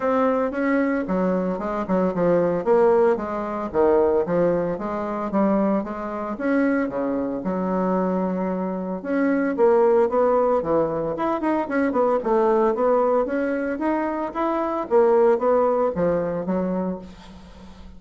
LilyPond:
\new Staff \with { instrumentName = "bassoon" } { \time 4/4 \tempo 4 = 113 c'4 cis'4 fis4 gis8 fis8 | f4 ais4 gis4 dis4 | f4 gis4 g4 gis4 | cis'4 cis4 fis2~ |
fis4 cis'4 ais4 b4 | e4 e'8 dis'8 cis'8 b8 a4 | b4 cis'4 dis'4 e'4 | ais4 b4 f4 fis4 | }